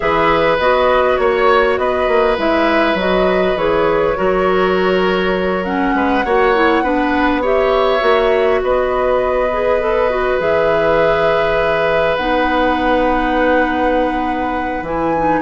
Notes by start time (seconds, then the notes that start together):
0.00 E3 G#4 B4 E5
0.58 B3 F#4 D#5
1.16 A#3 C#5
1.77 B3 B4 D#5
2.07 A#3
2.37 G#3 E4 E5
2.94 F#3 F#4 D#5
3.56 E3 G#4 C#5
4.16 F#3 F#4 A#4
5.64 C#4 F#5
5.93 G#3 B4
6.24 A#3 F#4 C#5
6.54 E4
6.82 B3 D4 B4
7.41 G4 C#5 E5
7.99 A#3 F#4
8.62 B3 B4 D#5
9.52 G#4
9.80 A4
10.09 F#4
10.39 E3 G#4 E5
12.16 B3 D#4 F#5
14.82 E3 E4 G#5
15.16 D#4